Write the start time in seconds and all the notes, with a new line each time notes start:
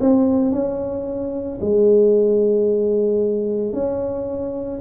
0.00 C4
0.52 C#4
1.61 G#3
3.73 C#4